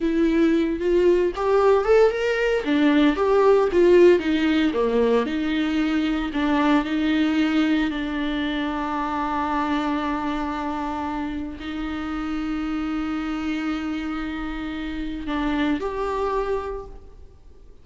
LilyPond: \new Staff \with { instrumentName = "viola" } { \time 4/4 \tempo 4 = 114 e'4. f'4 g'4 a'8 | ais'4 d'4 g'4 f'4 | dis'4 ais4 dis'2 | d'4 dis'2 d'4~ |
d'1~ | d'2 dis'2~ | dis'1~ | dis'4 d'4 g'2 | }